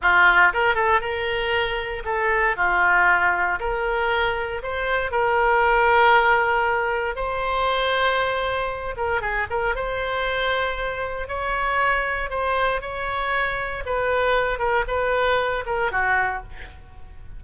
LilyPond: \new Staff \with { instrumentName = "oboe" } { \time 4/4 \tempo 4 = 117 f'4 ais'8 a'8 ais'2 | a'4 f'2 ais'4~ | ais'4 c''4 ais'2~ | ais'2 c''2~ |
c''4. ais'8 gis'8 ais'8 c''4~ | c''2 cis''2 | c''4 cis''2 b'4~ | b'8 ais'8 b'4. ais'8 fis'4 | }